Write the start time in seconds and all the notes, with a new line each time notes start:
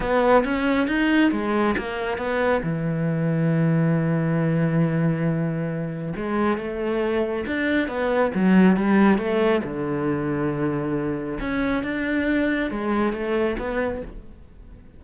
0.00 B3
0.44 C#4
0.87 D#4
1.31 G#3
1.77 A#3
2.17 B3
2.63 E3
6.16 G#3
6.57 A3
7.46 D4
7.88 B3
8.34 F#3
8.76 G3
9.18 A3
9.63 D3
11.39 C#4
11.83 D4
12.70 G#3
13.13 A3
13.58 B3